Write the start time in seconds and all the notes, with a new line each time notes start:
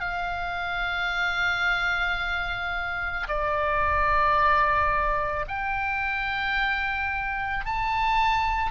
0.00 F5
3.28 D5
5.48 G5
7.66 A5